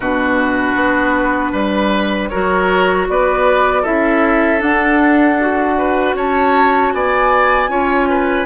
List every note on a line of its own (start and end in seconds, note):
0.00 0.75 B2
0.00 2.32 D4
0.00 1.52 F#4
0.00 2.28 B4
0.75 1.52 B3
1.52 2.29 G3
1.52 2.29 B4
2.28 3.08 F#3
2.28 3.84 F#4
2.28 3.07 A#4
2.28 3.05 C#5
3.08 3.85 B3
3.08 3.82 B4
3.08 3.84 D5
3.82 4.61 C#4
3.82 4.58 E4
3.82 5.74 A4
3.82 4.61 E5
4.58 5.35 D4
4.58 6.14 D4
4.58 6.15 F#5
5.40 7.69 F#4
5.78 6.16 B4
6.14 6.91 C#4
6.14 6.93 C#5
6.14 6.92 A5
6.92 7.69 B3
6.92 7.70 D5
6.92 8.46 G#5
7.69 8.46 C#4
7.69 8.46 F4
7.69 8.08 C#5
8.09 8.46 B4